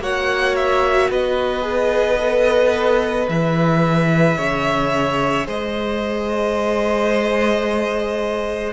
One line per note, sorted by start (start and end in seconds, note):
0.00 1.09 A#3
0.00 1.62 F#4
0.00 1.10 C#5
0.00 0.56 F#5
0.56 1.10 E5
1.10 3.28 B3
1.10 4.37 B4
1.10 3.29 D#5
1.62 2.16 G#4
2.19 3.28 A4
3.28 4.38 E3
3.28 8.73 G#4
3.28 5.47 E5
4.37 5.47 C#3
4.37 5.47 C#5
5.47 8.73 G#3
5.47 8.73 C5
5.47 8.73 D#5